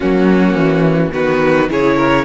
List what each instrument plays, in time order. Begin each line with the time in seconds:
0.00 cello F#3, viola A#3, violin C#4 F#4
0.55 cello E3
1.12 cello D#3, viola B3, violin F#4 B4
1.68 cello C#3, viola E4, violin G#4 C#5
1.96 violin A#4